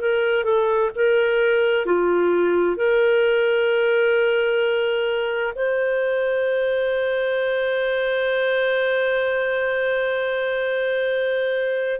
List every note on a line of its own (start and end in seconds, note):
0.00 0.44 A#4
0.44 0.90 A4
0.95 1.85 A#4
1.85 2.77 F4
2.77 5.53 A#4
5.56 12.00 C5